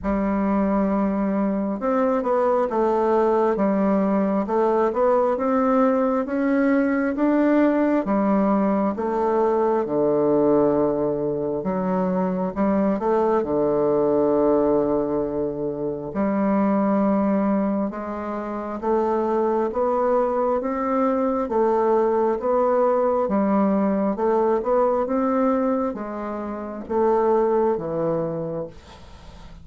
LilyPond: \new Staff \with { instrumentName = "bassoon" } { \time 4/4 \tempo 4 = 67 g2 c'8 b8 a4 | g4 a8 b8 c'4 cis'4 | d'4 g4 a4 d4~ | d4 fis4 g8 a8 d4~ |
d2 g2 | gis4 a4 b4 c'4 | a4 b4 g4 a8 b8 | c'4 gis4 a4 e4 | }